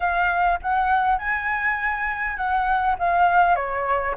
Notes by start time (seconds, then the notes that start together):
0.00 F5
0.62 F#5
1.18 G#5
2.36 F#5
2.98 F5
3.55 C#5